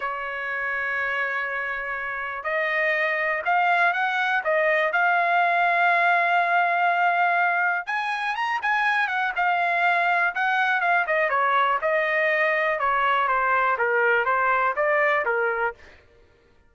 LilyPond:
\new Staff \with { instrumentName = "trumpet" } { \time 4/4 \tempo 4 = 122 cis''1~ | cis''4 dis''2 f''4 | fis''4 dis''4 f''2~ | f''1 |
gis''4 ais''8 gis''4 fis''8 f''4~ | f''4 fis''4 f''8 dis''8 cis''4 | dis''2 cis''4 c''4 | ais'4 c''4 d''4 ais'4 | }